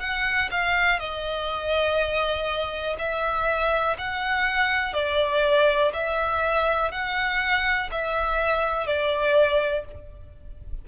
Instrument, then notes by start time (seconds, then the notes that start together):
violin
0.00 F#5
0.51 F5
0.99 D#5
2.98 E5
3.98 F#5
4.93 D5
5.93 E5
6.91 F#5
7.91 E5
8.86 D5